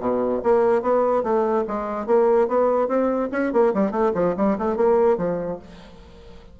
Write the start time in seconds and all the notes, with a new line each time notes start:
0.00 B2
0.43 A#3
0.82 B3
1.23 A3
1.67 G#3
2.07 A#3
2.48 B3
2.88 C4
3.32 C#4
3.53 A#3
3.74 G3
3.91 A3
4.14 F3
4.37 G3
4.58 A3
4.76 A#3
5.17 F3